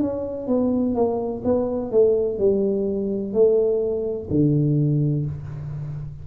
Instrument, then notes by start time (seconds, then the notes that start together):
tuba
0.00 C#4
0.47 B3
0.94 A#3
1.44 B3
1.91 A3
2.38 G3
3.33 A3
4.30 D3